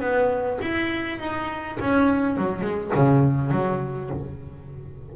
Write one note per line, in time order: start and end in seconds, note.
0.00 0.59 B3
0.61 1.18 E4
1.18 1.77 D#4
1.80 2.37 C#4
2.37 2.61 F#3
2.61 2.91 G#3
2.94 3.51 C#3
3.51 4.10 F#3